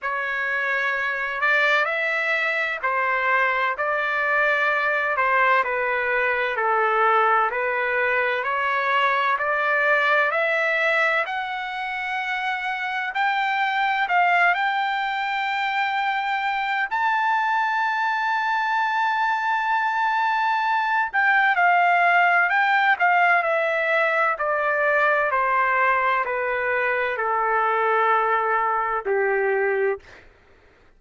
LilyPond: \new Staff \with { instrumentName = "trumpet" } { \time 4/4 \tempo 4 = 64 cis''4. d''8 e''4 c''4 | d''4. c''8 b'4 a'4 | b'4 cis''4 d''4 e''4 | fis''2 g''4 f''8 g''8~ |
g''2 a''2~ | a''2~ a''8 g''8 f''4 | g''8 f''8 e''4 d''4 c''4 | b'4 a'2 g'4 | }